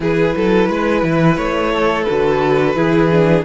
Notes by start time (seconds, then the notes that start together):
0.00 E3 E4 G#4 B4
0.35 F#3 A4
0.68 G#3 B4
1.02 E3
1.37 A3 C#5
1.73 A4
2.03 F#4 B4
2.09 D3
2.75 E3 E4 G#4
3.11 D4